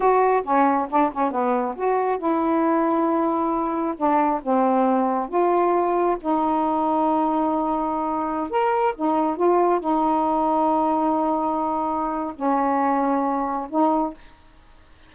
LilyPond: \new Staff \with { instrumentName = "saxophone" } { \time 4/4 \tempo 4 = 136 fis'4 cis'4 d'8 cis'8 b4 | fis'4 e'2.~ | e'4 d'4 c'2 | f'2 dis'2~ |
dis'2.~ dis'16 ais'8.~ | ais'16 dis'4 f'4 dis'4.~ dis'16~ | dis'1 | cis'2. dis'4 | }